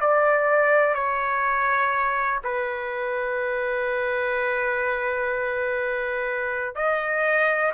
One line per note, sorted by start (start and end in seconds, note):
0.00 0.94 D5
0.94 2.39 C#5
2.44 6.75 B4
6.75 7.72 D#5